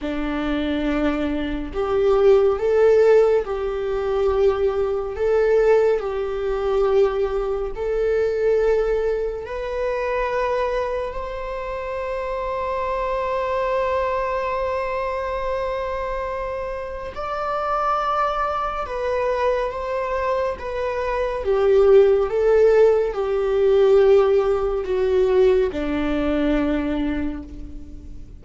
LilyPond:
\new Staff \with { instrumentName = "viola" } { \time 4/4 \tempo 4 = 70 d'2 g'4 a'4 | g'2 a'4 g'4~ | g'4 a'2 b'4~ | b'4 c''2.~ |
c''1 | d''2 b'4 c''4 | b'4 g'4 a'4 g'4~ | g'4 fis'4 d'2 | }